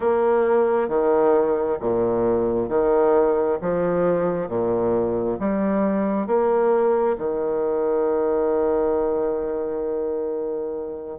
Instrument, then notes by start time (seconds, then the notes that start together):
bassoon
0.00 A#3
0.88 D#3
1.80 A#2
2.69 D#3
3.61 F3
4.48 A#2
5.39 G3
6.26 A#3
7.18 D#3